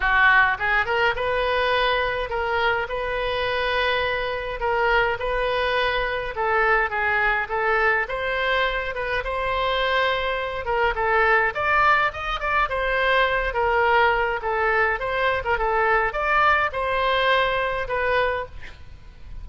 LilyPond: \new Staff \with { instrumentName = "oboe" } { \time 4/4 \tempo 4 = 104 fis'4 gis'8 ais'8 b'2 | ais'4 b'2. | ais'4 b'2 a'4 | gis'4 a'4 c''4. b'8 |
c''2~ c''8 ais'8 a'4 | d''4 dis''8 d''8 c''4. ais'8~ | ais'4 a'4 c''8. ais'16 a'4 | d''4 c''2 b'4 | }